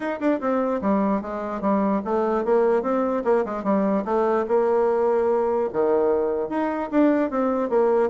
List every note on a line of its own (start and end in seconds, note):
0.00 0.19 D#4
0.19 0.40 D4
0.40 0.81 C4
0.81 1.21 G3
1.21 1.61 G#3
1.61 2.01 G3
2.05 2.44 A3
2.44 2.82 A#3
2.82 3.23 C4
3.24 3.44 A#3
3.45 3.63 G#3
3.63 4.04 G3
4.04 4.45 A3
4.48 5.69 A#3
5.72 6.49 D#3
6.49 6.89 D#4
6.90 7.30 D4
7.30 7.69 C4
7.69 8.10 A#3